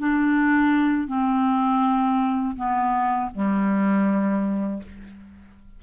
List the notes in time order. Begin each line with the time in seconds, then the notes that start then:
0.00 D4
1.08 C4
2.57 B3
3.35 G3